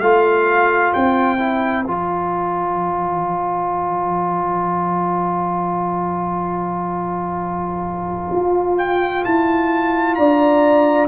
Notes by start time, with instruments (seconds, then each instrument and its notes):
0.00 tuba A3, trombone F4, horn C5, trumpet F5
0.93 tuba C4, trumpet G5
1.38 trombone E4
1.85 tuba F3, trombone F4, trumpet A5
8.31 tuba F4
8.77 trumpet G5
9.24 tuba E4, trumpet A5
10.14 tuba D4, horn D5, trumpet A#5